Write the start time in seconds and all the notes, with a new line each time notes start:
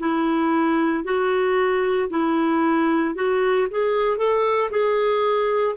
0.00 E4
1.05 F#4
2.11 E4
3.15 F#4
3.71 G#4
4.18 A4
4.71 G#4